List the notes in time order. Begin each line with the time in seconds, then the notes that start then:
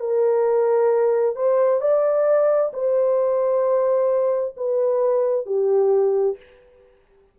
0.00 A#4
1.35 C5
1.81 D5
2.73 C5
4.56 B4
5.46 G4